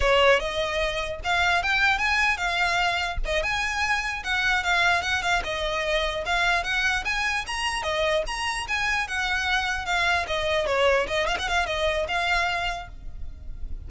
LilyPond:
\new Staff \with { instrumentName = "violin" } { \time 4/4 \tempo 4 = 149 cis''4 dis''2 f''4 | g''4 gis''4 f''2 | dis''8 gis''2 fis''4 f''8~ | f''8 fis''8 f''8 dis''2 f''8~ |
f''8 fis''4 gis''4 ais''4 dis''8~ | dis''8 ais''4 gis''4 fis''4.~ | fis''8 f''4 dis''4 cis''4 dis''8 | f''16 fis''16 f''8 dis''4 f''2 | }